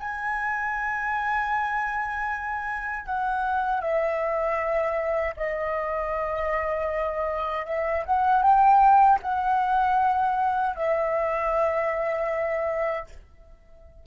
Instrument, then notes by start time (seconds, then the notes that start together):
flute
0.00 G#5
3.06 F#5
3.81 E5
5.37 D#5
7.66 E5
8.06 F#5
8.43 G5
9.23 F#5
10.76 E5